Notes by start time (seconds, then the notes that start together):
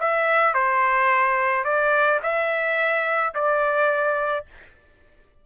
0.00 E5
0.54 C5
1.65 D5
2.23 E5
3.35 D5